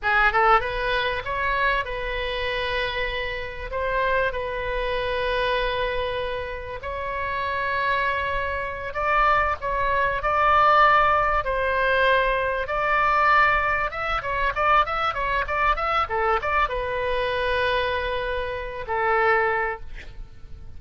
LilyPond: \new Staff \with { instrumentName = "oboe" } { \time 4/4 \tempo 4 = 97 gis'8 a'8 b'4 cis''4 b'4~ | b'2 c''4 b'4~ | b'2. cis''4~ | cis''2~ cis''8 d''4 cis''8~ |
cis''8 d''2 c''4.~ | c''8 d''2 e''8 cis''8 d''8 | e''8 cis''8 d''8 e''8 a'8 d''8 b'4~ | b'2~ b'8 a'4. | }